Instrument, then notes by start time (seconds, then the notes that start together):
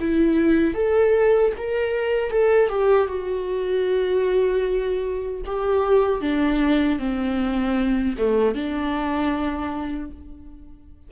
viola
0.00 E4
0.74 A4
1.58 A#4
2.31 A4
2.70 G4
3.08 F#4
5.46 G4
6.21 D4
6.99 C4
8.18 A3
8.55 D4